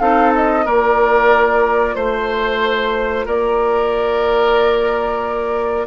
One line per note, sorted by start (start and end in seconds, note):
0.00 0.66 C4
0.00 0.66 D#4
0.00 0.65 A4
0.00 0.33 F5
0.36 0.67 D#5
0.65 1.96 A#3
0.65 5.87 F4
0.65 1.96 A#4
0.65 1.96 D5
1.96 3.26 A3
1.96 3.26 C5
3.26 5.87 A#3
3.26 5.87 A#4
3.26 5.87 D5